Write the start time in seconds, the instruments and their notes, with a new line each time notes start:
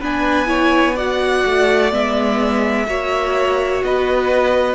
0.00 cello B3, viola D4, violin B4 G#5
0.46 viola E4, violin C#5
0.95 viola F#4, violin D5 F#5
1.45 cello A3
1.91 cello G#3, viola B3, violin E5
2.86 cello A#3, viola F#4, violin C#5
3.83 cello B3, violin B4 D#5